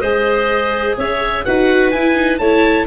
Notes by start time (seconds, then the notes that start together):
0.00 G#3 G#4 C5 D#5
0.97 C#4 C#5 E5
1.44 D#4 F#4 B4 F#5
1.91 E4 G#5
2.15 D#4
2.38 A3 E4 C#5 A5